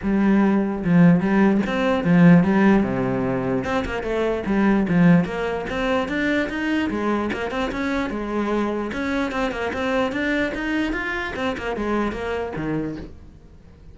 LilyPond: \new Staff \with { instrumentName = "cello" } { \time 4/4 \tempo 4 = 148 g2 f4 g4 | c'4 f4 g4 c4~ | c4 c'8 ais8 a4 g4 | f4 ais4 c'4 d'4 |
dis'4 gis4 ais8 c'8 cis'4 | gis2 cis'4 c'8 ais8 | c'4 d'4 dis'4 f'4 | c'8 ais8 gis4 ais4 dis4 | }